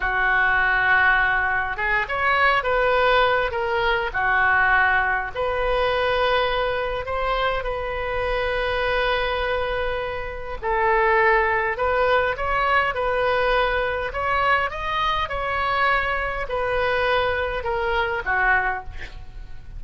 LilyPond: \new Staff \with { instrumentName = "oboe" } { \time 4/4 \tempo 4 = 102 fis'2. gis'8 cis''8~ | cis''8 b'4. ais'4 fis'4~ | fis'4 b'2. | c''4 b'2.~ |
b'2 a'2 | b'4 cis''4 b'2 | cis''4 dis''4 cis''2 | b'2 ais'4 fis'4 | }